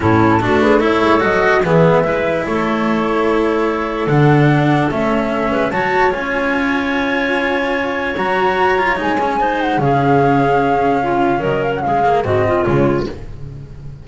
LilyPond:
<<
  \new Staff \with { instrumentName = "flute" } { \time 4/4 \tempo 4 = 147 a'4. b'8 cis''4 dis''4 | e''2 cis''2~ | cis''2 fis''2 | e''2 a''4 gis''4~ |
gis''1 | ais''2 gis''4. fis''8 | f''1 | dis''8 f''16 fis''16 f''4 dis''4 cis''4 | }
  \new Staff \with { instrumentName = "clarinet" } { \time 4/4 e'4 fis'8 gis'8 a'2 | gis'4 b'4 a'2~ | a'1~ | a'4. b'8 cis''2~ |
cis''1~ | cis''2. c''4 | gis'2. f'4 | ais'4 gis'4 fis'8 f'4. | }
  \new Staff \with { instrumentName = "cello" } { \time 4/4 cis'4 d'4 e'4 fis'4 | b4 e'2.~ | e'2 d'2 | cis'2 fis'4 f'4~ |
f'1 | fis'4. f'8 dis'8 cis'8 dis'4 | cis'1~ | cis'4. ais8 c'4 gis4 | }
  \new Staff \with { instrumentName = "double bass" } { \time 4/4 a,4 a4. gis8 fis4 | e4 gis4 a2~ | a2 d2 | a4. gis8 fis4 cis'4~ |
cis'1 | fis2 gis2 | cis1 | fis4 gis4 gis,4 cis4 | }
>>